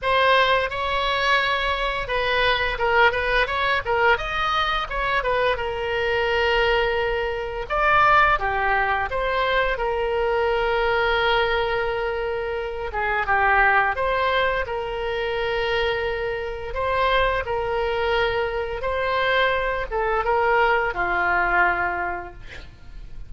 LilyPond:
\new Staff \with { instrumentName = "oboe" } { \time 4/4 \tempo 4 = 86 c''4 cis''2 b'4 | ais'8 b'8 cis''8 ais'8 dis''4 cis''8 b'8 | ais'2. d''4 | g'4 c''4 ais'2~ |
ais'2~ ais'8 gis'8 g'4 | c''4 ais'2. | c''4 ais'2 c''4~ | c''8 a'8 ais'4 f'2 | }